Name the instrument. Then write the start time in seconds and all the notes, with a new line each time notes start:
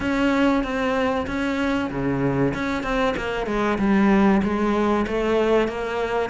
cello
0.00 C#4
0.63 C4
1.26 C#4
1.90 C#3
2.53 C#4
2.82 C4
3.16 A#3
3.46 G#3
3.78 G3
4.43 G#3
5.07 A3
5.68 A#3